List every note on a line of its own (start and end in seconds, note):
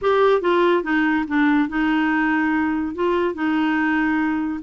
0.01 0.41 G4
0.41 0.83 F4
0.83 1.25 D#4
1.27 1.68 D4
1.68 2.94 D#4
2.94 3.34 F4
3.34 4.60 D#4